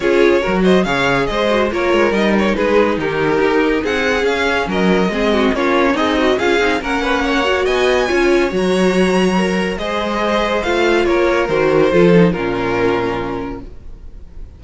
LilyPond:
<<
  \new Staff \with { instrumentName = "violin" } { \time 4/4 \tempo 4 = 141 cis''4. dis''8 f''4 dis''4 | cis''4 dis''8 cis''8 b'4 ais'4~ | ais'4 fis''4 f''4 dis''4~ | dis''4 cis''4 dis''4 f''4 |
fis''2 gis''2 | ais''2. dis''4~ | dis''4 f''4 cis''4 c''4~ | c''4 ais'2. | }
  \new Staff \with { instrumentName = "violin" } { \time 4/4 gis'4 ais'8 c''8 cis''4 c''4 | ais'2 gis'4 g'4~ | g'4 gis'2 ais'4 | gis'8 fis'8 f'4 dis'4 gis'4 |
ais'8 b'8 cis''4 dis''4 cis''4~ | cis''2. c''4~ | c''2 ais'2 | a'4 f'2. | }
  \new Staff \with { instrumentName = "viola" } { \time 4/4 f'4 fis'4 gis'4. fis'8 | f'4 dis'2.~ | dis'2 cis'2 | c'4 cis'4 gis'8 fis'8 f'8 dis'8 |
cis'4. fis'4. f'4 | fis'2 ais'4 gis'4~ | gis'4 f'2 fis'4 | f'8 dis'8 cis'2. | }
  \new Staff \with { instrumentName = "cello" } { \time 4/4 cis'4 fis4 cis4 gis4 | ais8 gis8 g4 gis4 dis4 | dis'4 c'4 cis'4 fis4 | gis4 ais4 c'4 cis'8 c'8 |
ais2 b4 cis'4 | fis2. gis4~ | gis4 a4 ais4 dis4 | f4 ais,2. | }
>>